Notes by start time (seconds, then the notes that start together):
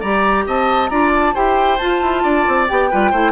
0.00 G3 G4 D5 A#5
0.47 C4 D#5 A5
0.89 D4 F4 D5 A#5
1.15 A5
1.34 E4 G4 C5 G5
1.78 F4 A5
2.02 E4
2.23 D4 D5
2.48 C4
2.68 B3 G4 G5
2.90 G3 F4 B4
3.11 A3 E4 C5